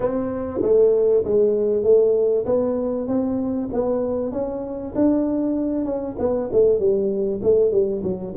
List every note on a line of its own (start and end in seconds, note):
0.00 0.60 C4
0.62 1.24 A3
1.24 1.83 G#3
1.83 2.45 A3
2.45 3.07 B3
3.07 3.69 C4
3.73 4.32 B3
4.32 4.93 C#4
4.95 5.85 D4
5.85 6.15 C#4
6.18 6.49 B3
6.52 6.79 A3
6.79 7.41 G3
7.42 7.71 A3
7.71 8.02 G3
8.03 8.34 F#3